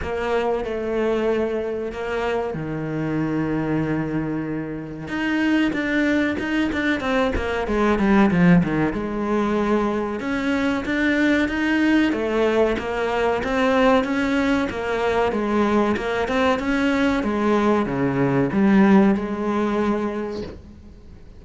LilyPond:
\new Staff \with { instrumentName = "cello" } { \time 4/4 \tempo 4 = 94 ais4 a2 ais4 | dis1 | dis'4 d'4 dis'8 d'8 c'8 ais8 | gis8 g8 f8 dis8 gis2 |
cis'4 d'4 dis'4 a4 | ais4 c'4 cis'4 ais4 | gis4 ais8 c'8 cis'4 gis4 | cis4 g4 gis2 | }